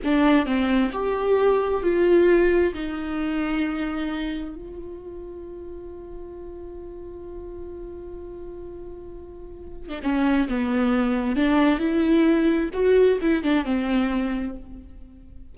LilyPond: \new Staff \with { instrumentName = "viola" } { \time 4/4 \tempo 4 = 132 d'4 c'4 g'2 | f'2 dis'2~ | dis'2 f'2~ | f'1~ |
f'1~ | f'4.~ f'16 d'16 cis'4 b4~ | b4 d'4 e'2 | fis'4 e'8 d'8 c'2 | }